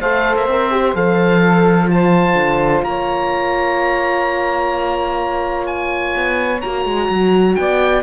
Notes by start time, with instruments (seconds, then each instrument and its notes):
0.00 cello A3, horn A4, saxophone C5, oboe F5
0.35 cello A#3, oboe E5
0.46 cello C4, horn A#4
0.71 horn G4
0.94 cello F3, horn A4, oboe F5
1.43 saxophone A4
1.87 horn F4, saxophone C5, oboe A5
2.34 cello D3
2.83 cello A#3, saxophone C#5, oboe A#5
5.66 oboe G#5
6.16 cello B3
6.61 cello A#3, horn F#4, oboe A#5
6.85 cello G#3
7.09 cello F#3
7.55 cello B3, saxophone D5, oboe G5